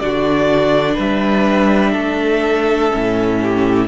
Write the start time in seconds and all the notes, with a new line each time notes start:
0.00 D3 D4 F#4 D5
0.95 G3 B4 E5
1.93 A3 A4
2.92 A2 C#4
3.43 G4